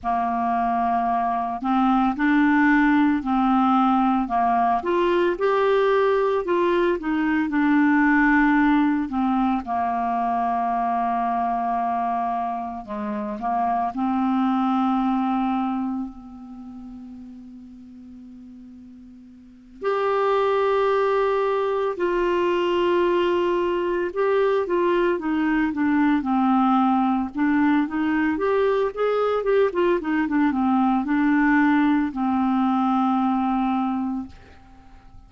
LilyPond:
\new Staff \with { instrumentName = "clarinet" } { \time 4/4 \tempo 4 = 56 ais4. c'8 d'4 c'4 | ais8 f'8 g'4 f'8 dis'8 d'4~ | d'8 c'8 ais2. | gis8 ais8 c'2 b4~ |
b2~ b8 g'4.~ | g'8 f'2 g'8 f'8 dis'8 | d'8 c'4 d'8 dis'8 g'8 gis'8 g'16 f'16 | dis'16 d'16 c'8 d'4 c'2 | }